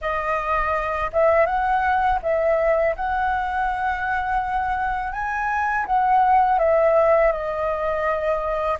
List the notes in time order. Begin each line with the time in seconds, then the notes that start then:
0.01 D#5
1.12 E5
1.46 F#5
2.22 E5
2.95 F#5
5.12 G#5
5.85 F#5
6.59 E5
7.31 D#5